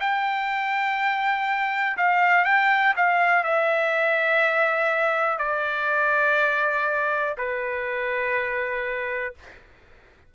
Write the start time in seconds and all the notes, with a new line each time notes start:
0.00 G5
1.97 F5
2.45 G5
2.96 F5
3.44 E5
5.38 D5
7.37 B4